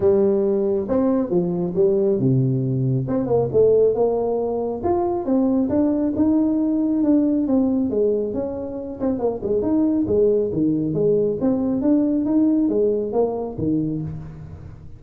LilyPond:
\new Staff \with { instrumentName = "tuba" } { \time 4/4 \tempo 4 = 137 g2 c'4 f4 | g4 c2 c'8 ais8 | a4 ais2 f'4 | c'4 d'4 dis'2 |
d'4 c'4 gis4 cis'4~ | cis'8 c'8 ais8 gis8 dis'4 gis4 | dis4 gis4 c'4 d'4 | dis'4 gis4 ais4 dis4 | }